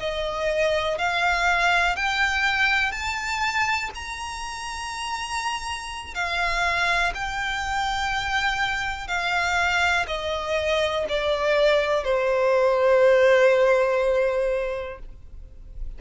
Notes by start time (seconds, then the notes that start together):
0.00 D#5
0.99 F5
1.97 G5
2.92 A5
3.95 A#5
6.15 F5
7.15 G5
9.08 F5
10.08 D#5
11.10 D5
12.04 C5